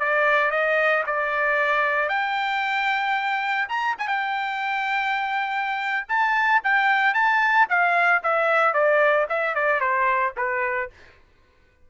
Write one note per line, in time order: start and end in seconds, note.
0.00 0.51 D5
0.51 1.04 D#5
1.07 2.09 D5
2.09 3.68 G5
3.69 3.96 A#5
3.98 4.08 G#5
4.08 6.07 G5
6.09 6.62 A5
6.64 7.14 G5
7.14 7.67 A5
7.70 8.23 F5
8.23 8.74 E5
8.74 9.27 D5
9.30 9.55 E5
9.55 9.80 D5
9.80 10.33 C5
10.37 10.90 B4